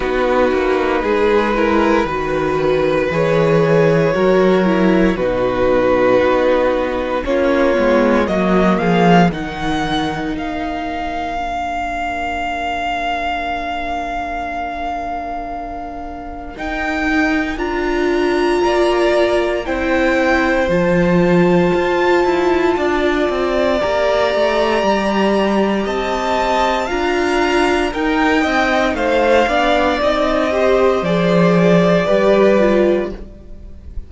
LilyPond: <<
  \new Staff \with { instrumentName = "violin" } { \time 4/4 \tempo 4 = 58 b'2. cis''4~ | cis''4 b'2 cis''4 | dis''8 f''8 fis''4 f''2~ | f''1 |
g''4 ais''2 g''4 | a''2. ais''4~ | ais''4 a''4 ais''4 g''4 | f''4 dis''4 d''2 | }
  \new Staff \with { instrumentName = "violin" } { \time 4/4 fis'4 gis'8 ais'8 b'2 | ais'4 fis'2 f'4 | fis'8 gis'8 ais'2.~ | ais'1~ |
ais'2 d''4 c''4~ | c''2 d''2~ | d''4 dis''4 f''4 ais'8 dis''8 | c''8 d''4 c''4. b'4 | }
  \new Staff \with { instrumentName = "viola" } { \time 4/4 dis'4. e'8 fis'4 gis'4 | fis'8 e'8 dis'2 cis'8 b8 | ais4 dis'2 d'4~ | d'1 |
dis'4 f'2 e'4 | f'2. g'4~ | g'2 f'4 dis'4~ | dis'8 d'8 dis'8 g'8 gis'4 g'8 f'8 | }
  \new Staff \with { instrumentName = "cello" } { \time 4/4 b8 ais8 gis4 dis4 e4 | fis4 b,4 b4 ais8 gis8 | fis8 f8 dis4 ais2~ | ais1 |
dis'4 d'4 ais4 c'4 | f4 f'8 e'8 d'8 c'8 ais8 a8 | g4 c'4 d'4 dis'8 c'8 | a8 b8 c'4 f4 g4 | }
>>